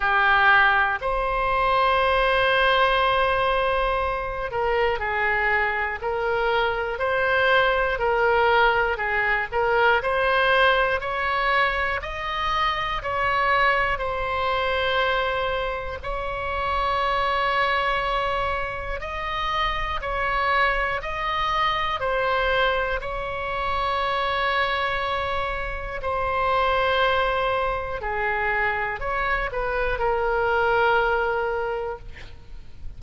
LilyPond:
\new Staff \with { instrumentName = "oboe" } { \time 4/4 \tempo 4 = 60 g'4 c''2.~ | c''8 ais'8 gis'4 ais'4 c''4 | ais'4 gis'8 ais'8 c''4 cis''4 | dis''4 cis''4 c''2 |
cis''2. dis''4 | cis''4 dis''4 c''4 cis''4~ | cis''2 c''2 | gis'4 cis''8 b'8 ais'2 | }